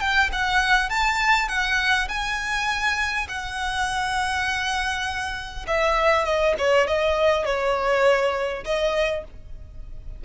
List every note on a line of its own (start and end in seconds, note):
0.00 0.30 G5
0.32 0.89 F#5
0.89 1.48 A5
1.48 2.08 F#5
2.08 3.27 G#5
3.28 5.66 F#5
5.67 6.25 E5
6.25 6.54 D#5
6.58 6.87 C#5
6.87 7.45 D#5
7.45 8.64 C#5
8.64 9.24 D#5